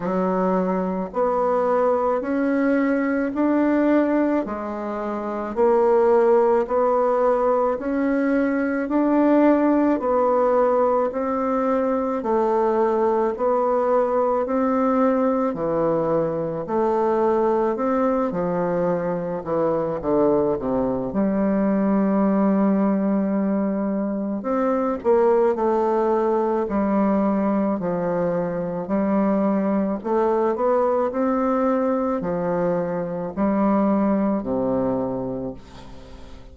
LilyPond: \new Staff \with { instrumentName = "bassoon" } { \time 4/4 \tempo 4 = 54 fis4 b4 cis'4 d'4 | gis4 ais4 b4 cis'4 | d'4 b4 c'4 a4 | b4 c'4 e4 a4 |
c'8 f4 e8 d8 c8 g4~ | g2 c'8 ais8 a4 | g4 f4 g4 a8 b8 | c'4 f4 g4 c4 | }